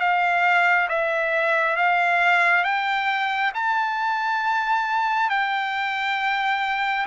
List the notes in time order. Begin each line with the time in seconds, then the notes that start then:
0.00 F5
0.89 E5
1.76 F5
2.64 G5
3.55 A5
5.29 G5